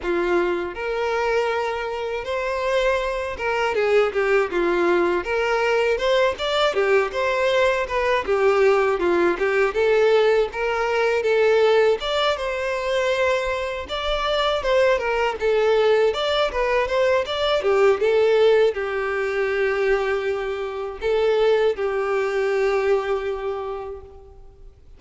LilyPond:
\new Staff \with { instrumentName = "violin" } { \time 4/4 \tempo 4 = 80 f'4 ais'2 c''4~ | c''8 ais'8 gis'8 g'8 f'4 ais'4 | c''8 d''8 g'8 c''4 b'8 g'4 | f'8 g'8 a'4 ais'4 a'4 |
d''8 c''2 d''4 c''8 | ais'8 a'4 d''8 b'8 c''8 d''8 g'8 | a'4 g'2. | a'4 g'2. | }